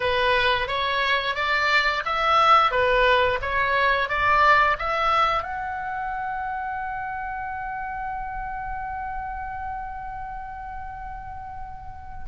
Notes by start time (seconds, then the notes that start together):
0.00 B4
0.67 C#5
1.35 D5
2.05 E5
2.71 B4
3.41 C#5
4.08 D5
4.79 E5
5.42 F#5